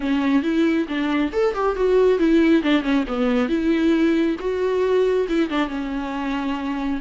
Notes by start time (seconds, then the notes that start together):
0.00 C#4
0.42 E4
0.88 D4
1.32 A4
1.54 G4
1.76 F#4
2.18 E4
2.62 D4
2.82 C#4
3.07 B3
3.48 E4
4.39 F#4
5.28 E4
5.49 D4
5.68 C#4